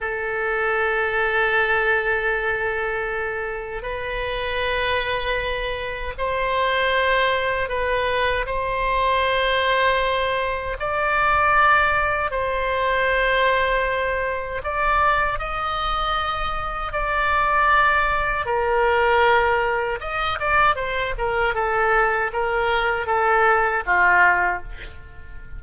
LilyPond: \new Staff \with { instrumentName = "oboe" } { \time 4/4 \tempo 4 = 78 a'1~ | a'4 b'2. | c''2 b'4 c''4~ | c''2 d''2 |
c''2. d''4 | dis''2 d''2 | ais'2 dis''8 d''8 c''8 ais'8 | a'4 ais'4 a'4 f'4 | }